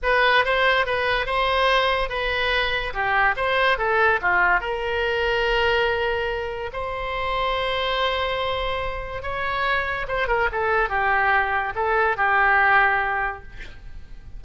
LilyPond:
\new Staff \with { instrumentName = "oboe" } { \time 4/4 \tempo 4 = 143 b'4 c''4 b'4 c''4~ | c''4 b'2 g'4 | c''4 a'4 f'4 ais'4~ | ais'1 |
c''1~ | c''2 cis''2 | c''8 ais'8 a'4 g'2 | a'4 g'2. | }